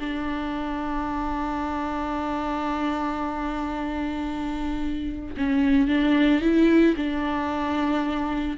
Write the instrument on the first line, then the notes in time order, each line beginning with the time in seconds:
viola
0.00 D4
5.37 C#4
5.88 D4
6.41 E4
6.97 D4